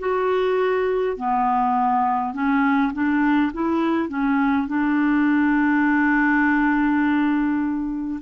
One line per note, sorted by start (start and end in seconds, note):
0.00 1.17 F#4
1.17 2.34 B3
2.34 2.93 C#4
2.94 3.52 D4
3.53 4.10 E4
4.10 4.68 C#4
4.68 8.21 D4